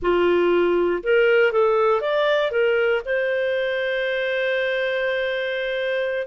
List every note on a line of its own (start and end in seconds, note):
0.02 1.02 F4
1.03 1.52 A#4
1.52 2.00 A4
2.00 2.51 D5
2.51 3.01 A#4
3.05 6.27 C5